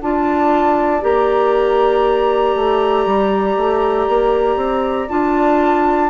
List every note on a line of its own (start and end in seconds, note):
0.00 1.02 D4
0.00 1.00 F4
0.00 6.10 D5
0.00 1.03 A5
1.00 2.55 A#3
1.00 5.07 G4
1.00 5.09 A#5
2.55 3.05 A3
3.05 3.56 G3
3.57 4.07 A3
4.08 4.56 A#3
4.56 5.07 C4
5.09 6.10 D4
5.09 6.10 F4
5.09 6.10 A5